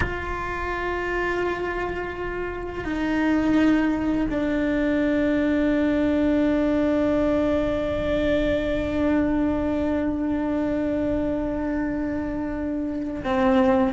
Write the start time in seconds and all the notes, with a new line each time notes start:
0.00 F4
2.84 D#4
4.30 D4
13.23 C4